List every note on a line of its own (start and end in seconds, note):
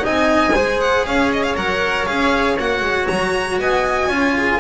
0.00 0.51 D#4
0.00 0.55 D#5
0.00 0.81 G#5
0.06 0.56 C4
0.55 1.06 G#3
0.55 1.56 G#4
0.55 1.06 C5
0.81 1.06 F#5
1.06 1.56 C#4
1.06 3.61 C#5
1.06 1.32 F5
1.33 1.43 D#5
1.43 1.56 F5
1.56 2.07 F#3
1.56 2.07 A#4
1.56 2.06 F#5
2.06 2.59 C#4
2.06 2.58 G#4
2.06 2.57 F5
2.59 2.81 A#3
2.59 4.10 F#4
2.59 3.08 F#5
2.81 3.07 G#3
3.08 3.59 F#3
3.08 3.59 A#5
3.59 4.08 B3
3.59 4.08 D#5
3.59 4.60 G#5
4.08 4.59 C#4
4.08 4.60 F4
4.08 4.34 C#5
4.37 4.60 G#4